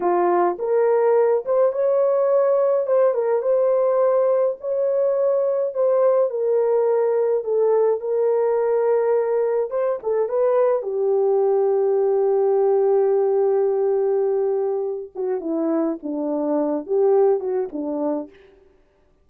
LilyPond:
\new Staff \with { instrumentName = "horn" } { \time 4/4 \tempo 4 = 105 f'4 ais'4. c''8 cis''4~ | cis''4 c''8 ais'8 c''2 | cis''2 c''4 ais'4~ | ais'4 a'4 ais'2~ |
ais'4 c''8 a'8 b'4 g'4~ | g'1~ | g'2~ g'8 fis'8 e'4 | d'4. g'4 fis'8 d'4 | }